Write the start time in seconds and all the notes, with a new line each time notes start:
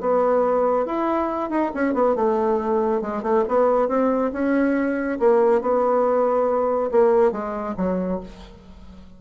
0.00 B3
0.85 E4
1.49 D#4
1.74 C#4
1.94 B3
2.15 A3
3.01 G#3
3.22 A3
3.48 B3
3.88 C4
4.32 C#4
5.19 A#3
5.61 B3
6.91 A#3
7.31 G#3
7.77 F#3